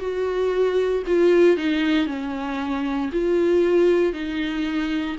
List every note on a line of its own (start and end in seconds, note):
0.00 1.03 F#4
1.07 1.58 F4
1.58 2.07 D#4
2.07 3.10 C#4
3.13 4.13 F4
4.13 5.17 D#4